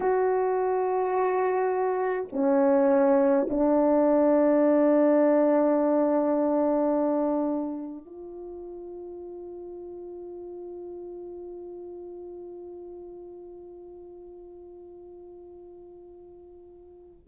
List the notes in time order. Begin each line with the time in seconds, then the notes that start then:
0.00 F#4
2.32 C#4
3.49 D4
8.05 F4